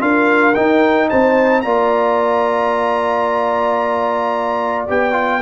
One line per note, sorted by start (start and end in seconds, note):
0.00 0.55 D4
0.00 0.54 F4
0.00 1.09 A#4
0.00 0.55 F5
0.55 1.64 D#4
0.55 1.11 D#4
0.55 1.09 G5
1.09 1.64 C4
1.09 1.64 C5
1.09 1.61 A5
1.61 4.89 A#3
1.61 4.88 F4
1.61 5.42 D5
1.61 4.86 A#5
4.88 5.42 B3
4.88 5.12 G4
4.88 5.42 G5
5.12 5.39 F4